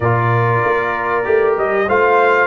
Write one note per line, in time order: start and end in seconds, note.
0.00 0.61 A#2
0.00 1.24 F4
0.00 1.87 A#4
0.00 1.54 D5
0.64 1.26 A#3
1.24 1.57 A3
1.24 1.86 G4
1.57 1.88 G3
1.57 1.89 D#5
1.87 2.47 A3
1.87 2.47 F4
1.87 2.47 C5
1.87 2.47 F5